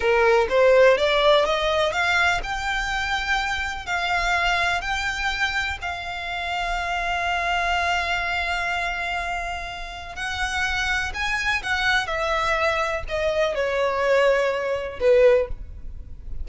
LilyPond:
\new Staff \with { instrumentName = "violin" } { \time 4/4 \tempo 4 = 124 ais'4 c''4 d''4 dis''4 | f''4 g''2. | f''2 g''2 | f''1~ |
f''1~ | f''4 fis''2 gis''4 | fis''4 e''2 dis''4 | cis''2. b'4 | }